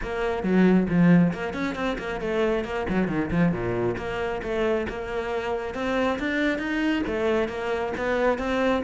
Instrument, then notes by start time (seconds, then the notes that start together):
cello
0.02 A#3
0.43 F#3
0.88 F3
1.33 A#3
1.53 C#4
1.75 C4
1.98 A#3
2.21 A3
2.64 A#3
2.89 F#3
3.08 D#3
3.30 F3
3.52 A#2
3.97 A#3
4.42 A3
4.89 A#3
5.74 C4
6.19 D4
6.58 D#4
7.06 A3
7.48 A#3
7.97 B3
8.38 C4